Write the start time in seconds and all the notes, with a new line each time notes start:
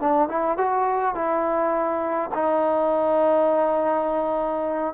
0.00 D4
0.28 E4
0.57 F#4
1.15 E4
2.34 D#4